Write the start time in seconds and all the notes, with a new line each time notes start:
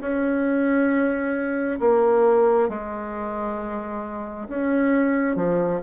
0.00 C#4
1.80 A#3
2.69 G#3
4.48 C#4
5.35 F3